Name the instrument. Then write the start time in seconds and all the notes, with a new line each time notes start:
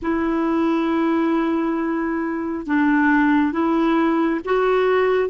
clarinet
0.02 E4
2.66 D4
3.52 E4
4.44 F#4